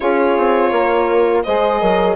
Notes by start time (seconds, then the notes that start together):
0.00 C#4 F4 G#4 C#5
0.37 C4
0.70 A#3 A#4
1.43 G#3 G#4 C5 D#5
1.80 F#3 A#4